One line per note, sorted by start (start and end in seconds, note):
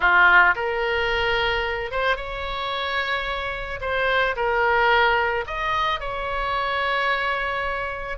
0.00 0.55 F4
0.55 1.91 A#4
1.91 2.16 C5
2.16 3.80 C#5
3.81 4.35 C5
4.35 5.44 A#4
5.46 6.00 D#5
6.00 8.18 C#5